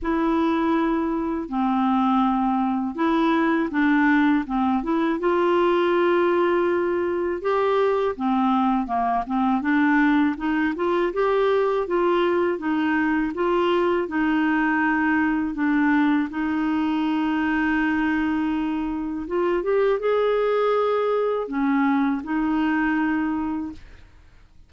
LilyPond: \new Staff \with { instrumentName = "clarinet" } { \time 4/4 \tempo 4 = 81 e'2 c'2 | e'4 d'4 c'8 e'8 f'4~ | f'2 g'4 c'4 | ais8 c'8 d'4 dis'8 f'8 g'4 |
f'4 dis'4 f'4 dis'4~ | dis'4 d'4 dis'2~ | dis'2 f'8 g'8 gis'4~ | gis'4 cis'4 dis'2 | }